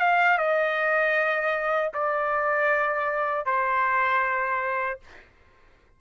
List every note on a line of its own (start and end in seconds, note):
0.00 0.38 F5
0.38 1.92 D#5
1.94 3.46 D5
3.46 5.00 C5